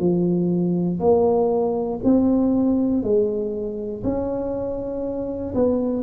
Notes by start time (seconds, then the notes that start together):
0.00 F3
1.00 A#3
2.04 C4
3.04 G#3
4.04 C#4
5.55 B3